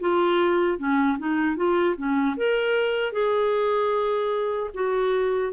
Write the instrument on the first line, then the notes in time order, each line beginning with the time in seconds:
clarinet
0.00 F4
0.78 C#4
1.18 D#4
1.56 F4
1.97 C#4
2.37 A#4
3.13 G#4
4.74 F#4